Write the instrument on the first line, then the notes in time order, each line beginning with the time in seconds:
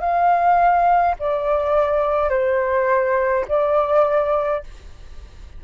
flute
0.00 F5
1.19 D5
2.30 C5
3.48 D5